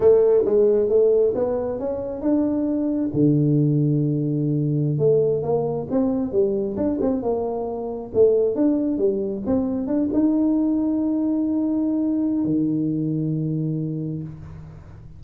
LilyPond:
\new Staff \with { instrumentName = "tuba" } { \time 4/4 \tempo 4 = 135 a4 gis4 a4 b4 | cis'4 d'2 d4~ | d2.~ d16 a8.~ | a16 ais4 c'4 g4 d'8 c'16~ |
c'16 ais2 a4 d'8.~ | d'16 g4 c'4 d'8 dis'4~ dis'16~ | dis'1 | dis1 | }